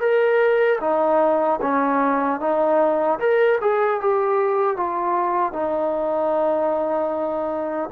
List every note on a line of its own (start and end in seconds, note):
0.00 0.79 A#4
0.81 1.60 D#4
1.62 2.40 C#4
2.40 3.19 D#4
3.19 3.59 A#4
3.61 4.00 G#4
4.00 4.77 G4
4.77 5.53 F4
5.53 7.89 D#4